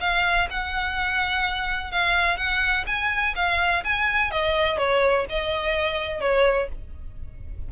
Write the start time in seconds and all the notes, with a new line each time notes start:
0.00 F5
0.50 F#5
1.91 F5
2.37 F#5
2.87 G#5
3.35 F5
3.84 G#5
4.31 D#5
4.78 C#5
5.29 D#5
6.21 C#5